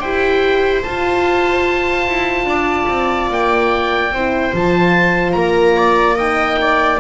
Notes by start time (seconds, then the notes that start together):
0.00 E4 G4 C5 G5
0.83 F4 A5
2.08 E4
2.45 D4 D5
2.89 C4
3.30 A#3 G5
4.11 C4 E4 C5
4.53 F3 F4 A5
5.32 A#3 A#4 A#5
5.77 D5
6.16 D#4 D#5 G5
6.61 D5